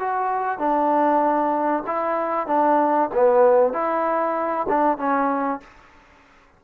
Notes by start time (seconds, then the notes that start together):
0.00 F#4
0.59 D4
1.87 E4
2.47 D4
3.14 B3
3.74 E4
4.69 D4
4.98 C#4